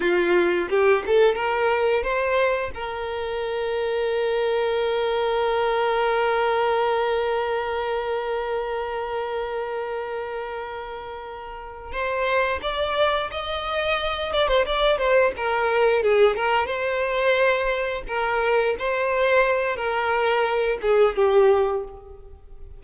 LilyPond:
\new Staff \with { instrumentName = "violin" } { \time 4/4 \tempo 4 = 88 f'4 g'8 a'8 ais'4 c''4 | ais'1~ | ais'1~ | ais'1~ |
ais'4. c''4 d''4 dis''8~ | dis''4 d''16 c''16 d''8 c''8 ais'4 gis'8 | ais'8 c''2 ais'4 c''8~ | c''4 ais'4. gis'8 g'4 | }